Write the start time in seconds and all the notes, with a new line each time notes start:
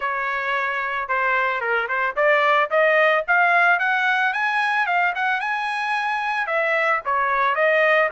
0.00 C#5
1.08 C5
1.60 A#4
1.88 C5
2.15 D5
2.70 D#5
3.27 F5
3.79 F#5
4.33 G#5
4.86 F5
5.15 F#5
5.40 G#5
6.46 E5
7.05 C#5
7.55 D#5